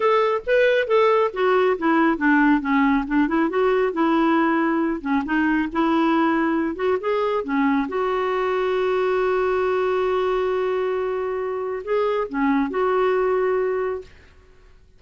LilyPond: \new Staff \with { instrumentName = "clarinet" } { \time 4/4 \tempo 4 = 137 a'4 b'4 a'4 fis'4 | e'4 d'4 cis'4 d'8 e'8 | fis'4 e'2~ e'8 cis'8 | dis'4 e'2~ e'8 fis'8 |
gis'4 cis'4 fis'2~ | fis'1~ | fis'2. gis'4 | cis'4 fis'2. | }